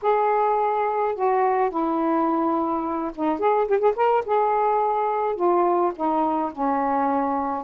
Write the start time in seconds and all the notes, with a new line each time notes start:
0.02 G#4
1.15 F#4
1.70 E4
3.15 D#4
3.39 G#4
3.67 G4
3.79 G#4
3.95 A#4
4.25 G#4
5.35 F4
5.95 D#4
6.52 C#4